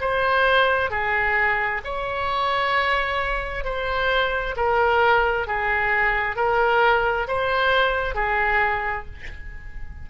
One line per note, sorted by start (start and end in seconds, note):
0.00 0.90 C5
0.90 1.81 G#4
1.84 3.64 C#5
3.64 4.55 C5
4.56 5.47 A#4
5.47 6.36 G#4
6.36 7.27 A#4
7.27 8.14 C5
8.14 9.05 G#4